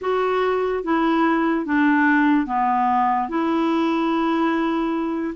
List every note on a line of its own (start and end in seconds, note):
0.01 0.83 F#4
0.83 1.65 E4
1.65 2.46 D4
2.46 3.28 B3
3.29 5.34 E4